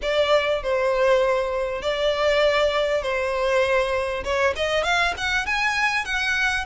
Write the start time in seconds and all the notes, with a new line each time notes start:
0.02 D5
0.62 C5
1.82 D5
3.02 C5
4.23 C#5
4.55 D#5
4.83 F5
5.17 F#5
5.45 G#5
6.04 F#5